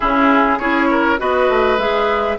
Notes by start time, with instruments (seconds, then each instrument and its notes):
0.00 bassoon C#3, clarinet C#4, oboe E4, flute G#4
0.59 bassoon C#4, clarinet E4, oboe G#4, flute C#5
0.90 oboe A#4
1.18 bassoon B3, clarinet F#4, oboe B4, flute D#5
1.49 bassoon A3
1.77 bassoon G#3, clarinet G#4, flute E5